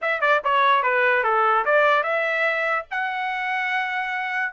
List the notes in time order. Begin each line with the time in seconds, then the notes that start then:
0.01 E5
0.21 D5
0.44 C#5
0.83 B4
1.23 A4
1.65 D5
2.03 E5
2.90 F#5